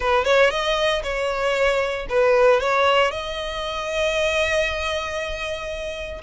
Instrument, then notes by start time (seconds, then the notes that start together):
violin
0.00 B4
0.24 C#5
0.50 D#5
1.03 C#5
2.09 B4
2.60 C#5
3.11 D#5